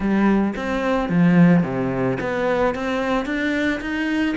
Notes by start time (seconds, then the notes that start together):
0.00 G3
0.56 C4
1.09 F3
1.63 C3
2.20 B3
2.74 C4
3.25 D4
3.80 D#4